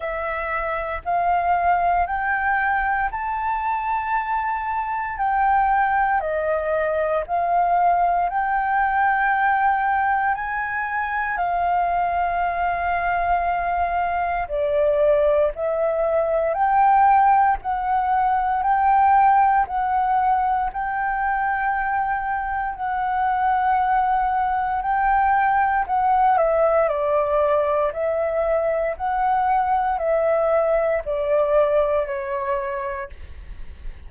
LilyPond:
\new Staff \with { instrumentName = "flute" } { \time 4/4 \tempo 4 = 58 e''4 f''4 g''4 a''4~ | a''4 g''4 dis''4 f''4 | g''2 gis''4 f''4~ | f''2 d''4 e''4 |
g''4 fis''4 g''4 fis''4 | g''2 fis''2 | g''4 fis''8 e''8 d''4 e''4 | fis''4 e''4 d''4 cis''4 | }